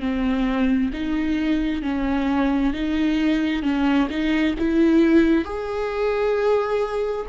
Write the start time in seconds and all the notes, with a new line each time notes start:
0.00 C4
0.93 D#4
1.82 C#4
2.73 D#4
3.62 C#4
4.10 D#4
4.58 E4
5.44 G#4